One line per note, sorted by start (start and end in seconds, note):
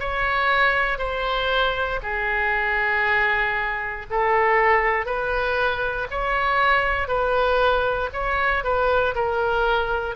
0.00 0.98 C#5
0.98 2.00 C5
2.03 4.06 G#4
4.11 5.06 A4
5.06 6.08 B4
6.11 7.08 C#5
7.08 8.10 B4
8.13 8.64 C#5
8.64 9.15 B4
9.16 10.16 A#4